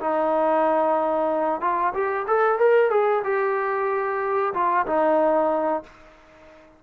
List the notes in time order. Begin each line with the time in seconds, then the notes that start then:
0.00 D#4
1.61 F4
1.94 G4
2.27 A4
2.59 A#4
2.91 G#4
3.24 G4
4.54 F4
4.87 D#4